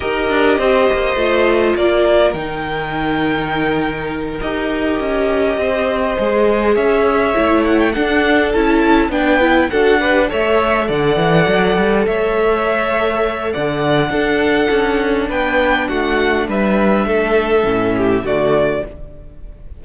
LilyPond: <<
  \new Staff \with { instrumentName = "violin" } { \time 4/4 \tempo 4 = 102 dis''2. d''4 | g''2.~ g''8 dis''8~ | dis''2.~ dis''8 e''8~ | e''4 fis''16 g''16 fis''4 a''4 g''8~ |
g''8 fis''4 e''4 fis''4.~ | fis''8 e''2~ e''8 fis''4~ | fis''2 g''4 fis''4 | e''2. d''4 | }
  \new Staff \with { instrumentName = "violin" } { \time 4/4 ais'4 c''2 ais'4~ | ais'1~ | ais'4. c''2 cis''8~ | cis''4. a'2 b'8~ |
b'8 a'8 b'8 cis''4 d''4.~ | d''8 cis''2~ cis''8 d''4 | a'2 b'4 fis'4 | b'4 a'4. g'8 fis'4 | }
  \new Staff \with { instrumentName = "viola" } { \time 4/4 g'2 f'2 | dis'2.~ dis'8 g'8~ | g'2~ g'8 gis'4.~ | gis'8 e'4 d'4 e'4 d'8 |
e'8 fis'8 g'8 a'2~ a'8~ | a'1 | d'1~ | d'2 cis'4 a4 | }
  \new Staff \with { instrumentName = "cello" } { \time 4/4 dis'8 d'8 c'8 ais8 a4 ais4 | dis2.~ dis8 dis'8~ | dis'8 cis'4 c'4 gis4 cis'8~ | cis'8 a4 d'4 cis'4 b8~ |
b8 d'4 a4 d8 e8 fis8 | g8 a2~ a8 d4 | d'4 cis'4 b4 a4 | g4 a4 a,4 d4 | }
>>